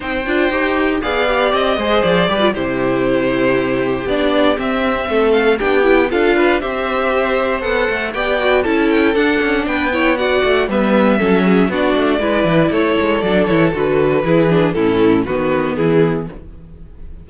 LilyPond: <<
  \new Staff \with { instrumentName = "violin" } { \time 4/4 \tempo 4 = 118 g''2 f''4 dis''4 | d''4 c''2. | d''4 e''4. f''8 g''4 | f''4 e''2 fis''4 |
g''4 a''8 g''8 fis''4 g''4 | fis''4 e''2 d''4~ | d''4 cis''4 d''8 cis''8 b'4~ | b'4 a'4 b'4 gis'4 | }
  \new Staff \with { instrumentName = "violin" } { \time 4/4 c''2 d''4. c''8~ | c''8 b'8 g'2.~ | g'2 a'4 g'4 | a'8 b'8 c''2. |
d''4 a'2 b'8 cis''8 | d''4 b'4 a'8 gis'8 fis'4 | b'4 a'2. | gis'4 e'4 fis'4 e'4 | }
  \new Staff \with { instrumentName = "viola" } { \time 4/4 dis'8 f'8 g'4 gis'8 g'4 gis'8~ | gis'8 g'16 f'16 e'2. | d'4 c'2 d'8 e'8 | f'4 g'2 a'4 |
g'8 fis'8 e'4 d'4. e'8 | fis'4 b4 cis'4 d'4 | e'2 d'8 e'8 fis'4 | e'8 d'8 cis'4 b2 | }
  \new Staff \with { instrumentName = "cello" } { \time 4/4 c'8 d'8 dis'4 b4 c'8 gis8 | f8 g8 c2. | b4 c'4 a4 b4 | d'4 c'2 b8 a8 |
b4 cis'4 d'8 cis'8 b4~ | b8 a8 g4 fis4 b8 a8 | gis8 e8 a8 gis8 fis8 e8 d4 | e4 a,4 dis4 e4 | }
>>